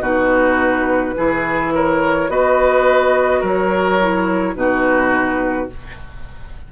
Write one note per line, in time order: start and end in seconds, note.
0.00 1.13 B2
0.00 1.15 D#4
0.00 1.14 F#4
0.00 1.72 B4
1.16 2.28 E3
1.16 2.28 E4
1.16 1.73 G#4
1.74 2.30 A#4
1.74 2.29 C#5
2.28 3.41 B3
2.28 3.98 F#4
2.28 3.40 B4
2.28 3.43 D#5
3.40 4.55 F#3
3.40 4.53 A#4
3.40 4.56 C#5
4.00 4.54 E4
4.54 5.68 B2
4.54 5.67 D#4
4.54 5.72 F#4
4.54 5.69 B4